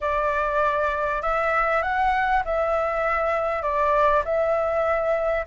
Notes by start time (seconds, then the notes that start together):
0.00 D5
1.21 E5
1.82 F#5
2.45 E5
3.62 D5
4.25 E5